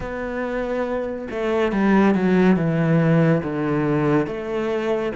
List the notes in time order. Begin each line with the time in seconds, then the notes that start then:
0.00 B3
1.30 A3
1.71 G3
2.14 F#3
2.56 E3
3.43 D3
4.26 A3